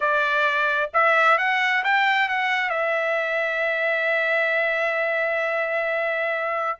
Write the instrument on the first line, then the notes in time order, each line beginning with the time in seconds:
trumpet
0.00 D5
0.93 E5
1.38 F#5
1.84 G5
2.28 F#5
2.69 E5